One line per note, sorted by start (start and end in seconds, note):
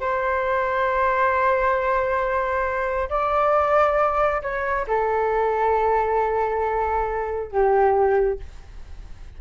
0.00 3.09 C5
3.09 4.42 D5
4.42 4.86 C#5
4.87 7.51 A4
7.51 8.39 G4